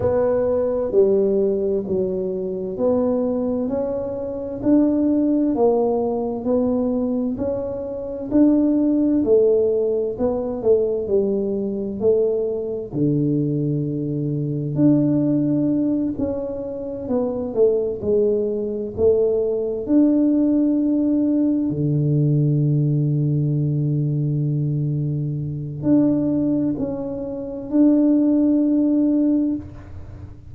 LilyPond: \new Staff \with { instrumentName = "tuba" } { \time 4/4 \tempo 4 = 65 b4 g4 fis4 b4 | cis'4 d'4 ais4 b4 | cis'4 d'4 a4 b8 a8 | g4 a4 d2 |
d'4. cis'4 b8 a8 gis8~ | gis8 a4 d'2 d8~ | d1 | d'4 cis'4 d'2 | }